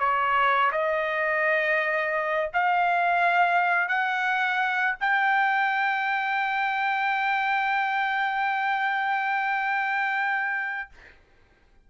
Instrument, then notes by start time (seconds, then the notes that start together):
trumpet
0.00 C#5
0.72 D#5
2.54 F5
3.89 F#5
5.01 G5